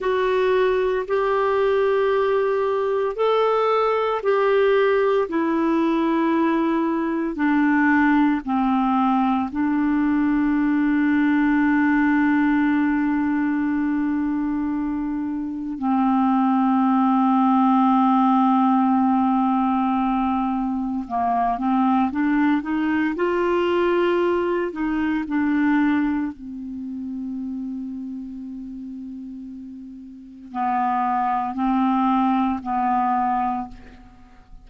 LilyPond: \new Staff \with { instrumentName = "clarinet" } { \time 4/4 \tempo 4 = 57 fis'4 g'2 a'4 | g'4 e'2 d'4 | c'4 d'2.~ | d'2. c'4~ |
c'1 | ais8 c'8 d'8 dis'8 f'4. dis'8 | d'4 c'2.~ | c'4 b4 c'4 b4 | }